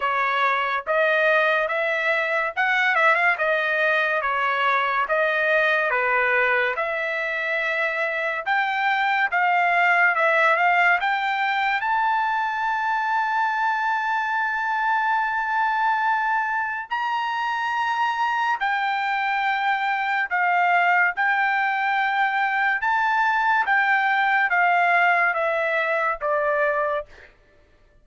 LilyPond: \new Staff \with { instrumentName = "trumpet" } { \time 4/4 \tempo 4 = 71 cis''4 dis''4 e''4 fis''8 e''16 f''16 | dis''4 cis''4 dis''4 b'4 | e''2 g''4 f''4 | e''8 f''8 g''4 a''2~ |
a''1 | ais''2 g''2 | f''4 g''2 a''4 | g''4 f''4 e''4 d''4 | }